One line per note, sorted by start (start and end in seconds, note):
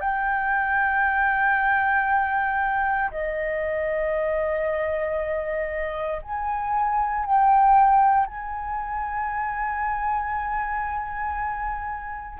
0.00 3.10 G5
3.10 6.21 D#5
6.22 7.25 G#5
7.25 8.26 G5
8.26 12.39 G#5